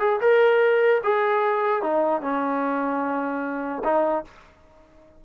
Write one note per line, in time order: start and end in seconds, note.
0.00 0.20 G#4
0.21 1.02 A#4
1.04 1.82 G#4
1.82 2.22 D#4
2.22 3.83 C#4
3.84 4.24 D#4